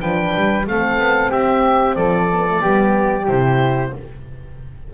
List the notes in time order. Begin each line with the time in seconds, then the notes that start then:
0.00 F3 D4 B4 G5
0.35 G3
0.67 A3 C4 A4 F5
0.98 B3
1.30 C4 G4 E5
1.95 F3 A4 D5
2.32 B3
2.47 A3
2.58 G3 B3 G4
3.28 C3 E4 C5